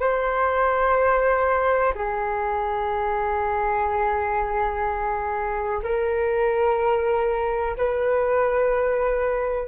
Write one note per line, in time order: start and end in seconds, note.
0.00 1.94 C5
1.94 5.82 G#4
5.83 7.76 A#4
7.77 9.68 B4